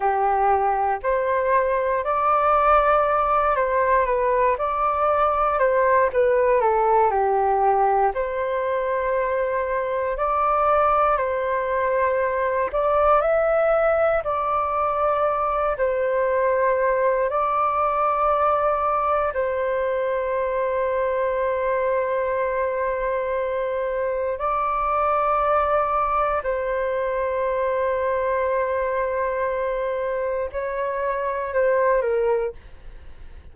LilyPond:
\new Staff \with { instrumentName = "flute" } { \time 4/4 \tempo 4 = 59 g'4 c''4 d''4. c''8 | b'8 d''4 c''8 b'8 a'8 g'4 | c''2 d''4 c''4~ | c''8 d''8 e''4 d''4. c''8~ |
c''4 d''2 c''4~ | c''1 | d''2 c''2~ | c''2 cis''4 c''8 ais'8 | }